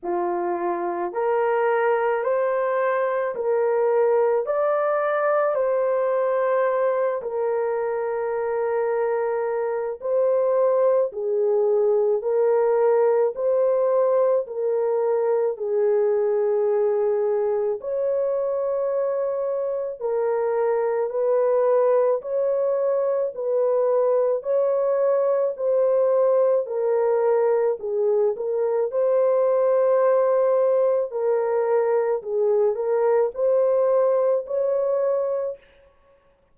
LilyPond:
\new Staff \with { instrumentName = "horn" } { \time 4/4 \tempo 4 = 54 f'4 ais'4 c''4 ais'4 | d''4 c''4. ais'4.~ | ais'4 c''4 gis'4 ais'4 | c''4 ais'4 gis'2 |
cis''2 ais'4 b'4 | cis''4 b'4 cis''4 c''4 | ais'4 gis'8 ais'8 c''2 | ais'4 gis'8 ais'8 c''4 cis''4 | }